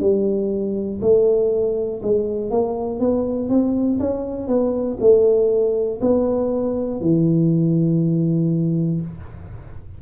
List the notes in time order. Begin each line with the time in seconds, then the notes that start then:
0.00 G3
1.01 A3
2.02 G#3
2.50 A#3
3.00 B3
3.49 C4
3.99 C#4
4.47 B3
5.00 A3
6.00 B3
7.00 E3